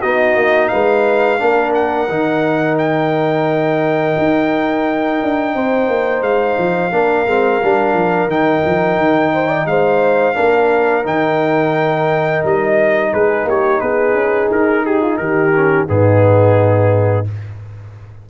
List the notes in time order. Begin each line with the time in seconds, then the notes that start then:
0.00 B3 D#4 F#4 D#5
0.35 A#3
0.68 G#3 B4 F5
1.39 A#3 D4 A#4
1.74 F#5
2.08 D#3 D#4
2.78 G5
4.18 D#4
5.22 D4
5.55 C4 C5
5.87 A#3
6.21 G#3 F5
6.57 F3
6.91 A#3 D4 A#4
7.26 G#3 C4
7.62 G3 D4
7.93 F3
8.26 D#3 D#4 G5
8.65 F3
8.98 D#3
9.33 C5
9.47 D5
9.66 G#3 C5 F5
10.33 A#3 D4 A#4
11.03 D#3 D#4 G5
12.44 G3 D#5
13.13 G#3 G#4 B4
13.44 A#3 G4 C#5
13.80 B3 G#4 B4
14.13 C#4
14.50 D#4 A#4
14.85 G4 G#4
15.01 F4
15.17 D#3 G4 A#4
15.55 C#4
15.87 G#2 B3 D#4 G#4